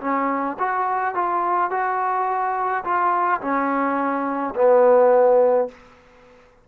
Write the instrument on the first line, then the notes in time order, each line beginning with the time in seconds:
trombone
0.00 C#4
0.59 F#4
1.14 F4
1.71 F#4
2.84 F4
3.41 C#4
4.55 B3